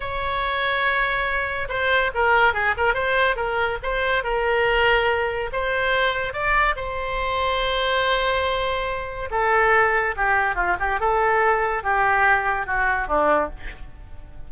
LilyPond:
\new Staff \with { instrumentName = "oboe" } { \time 4/4 \tempo 4 = 142 cis''1 | c''4 ais'4 gis'8 ais'8 c''4 | ais'4 c''4 ais'2~ | ais'4 c''2 d''4 |
c''1~ | c''2 a'2 | g'4 f'8 g'8 a'2 | g'2 fis'4 d'4 | }